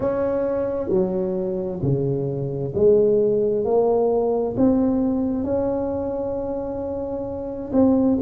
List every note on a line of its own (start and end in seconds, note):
0.00 0.89 C#4
0.89 1.80 F#3
1.82 2.73 C#3
2.74 3.64 G#3
3.64 4.55 A#3
4.57 5.44 C4
5.44 7.71 C#4
7.72 8.18 C4